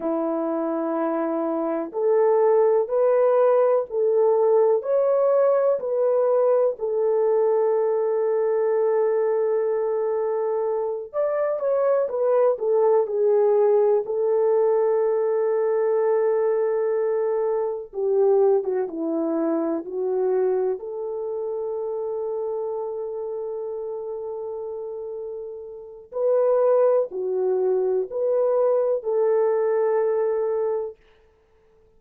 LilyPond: \new Staff \with { instrumentName = "horn" } { \time 4/4 \tempo 4 = 62 e'2 a'4 b'4 | a'4 cis''4 b'4 a'4~ | a'2.~ a'8 d''8 | cis''8 b'8 a'8 gis'4 a'4.~ |
a'2~ a'8 g'8. fis'16 e'8~ | e'8 fis'4 a'2~ a'8~ | a'2. b'4 | fis'4 b'4 a'2 | }